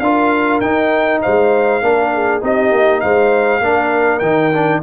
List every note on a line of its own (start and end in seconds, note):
0.00 0.61 D4
0.00 0.63 F4
0.00 1.22 A#4
0.00 0.60 F5
0.61 1.21 D#4
0.61 1.82 D#4
0.61 1.21 G5
1.22 1.82 G#3
1.22 1.82 C5
1.22 2.42 F5
1.82 2.42 A#3
1.82 2.42 D4
1.82 2.14 A#4
2.14 2.43 G#4
2.42 2.72 C4
2.42 3.62 D#4
2.42 3.02 G4
2.42 3.01 D#5
2.72 3.02 A#3
3.01 3.60 G#3
3.01 3.60 C5
3.01 4.20 F5
3.60 4.20 A#3
3.60 4.22 D4
3.60 4.80 A#4
4.20 4.81 D#3
4.20 4.53 D#4
4.20 4.80 G5
4.53 4.83 D4